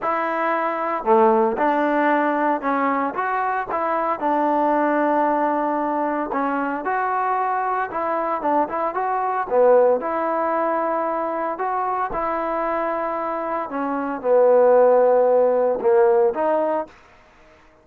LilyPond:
\new Staff \with { instrumentName = "trombone" } { \time 4/4 \tempo 4 = 114 e'2 a4 d'4~ | d'4 cis'4 fis'4 e'4 | d'1 | cis'4 fis'2 e'4 |
d'8 e'8 fis'4 b4 e'4~ | e'2 fis'4 e'4~ | e'2 cis'4 b4~ | b2 ais4 dis'4 | }